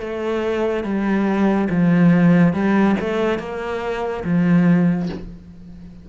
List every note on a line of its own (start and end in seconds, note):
0.00 0.84 A3
0.84 1.69 G3
1.70 2.54 F3
2.54 2.96 G3
3.00 3.39 A3
3.39 4.24 A#3
4.24 5.09 F3